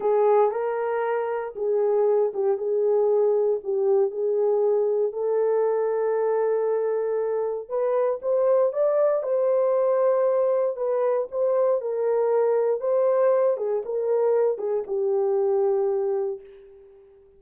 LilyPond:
\new Staff \with { instrumentName = "horn" } { \time 4/4 \tempo 4 = 117 gis'4 ais'2 gis'4~ | gis'8 g'8 gis'2 g'4 | gis'2 a'2~ | a'2. b'4 |
c''4 d''4 c''2~ | c''4 b'4 c''4 ais'4~ | ais'4 c''4. gis'8 ais'4~ | ais'8 gis'8 g'2. | }